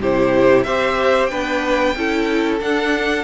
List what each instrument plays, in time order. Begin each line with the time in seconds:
0.00 cello C3, viola E4, violin G4 C5
0.63 cello C4, viola G4, violin C5 E5
1.26 cello B3, viola D4, violin B4 G5
1.96 cello C#4, viola E4, violin A4
2.60 viola D4, cello D4, violin F#5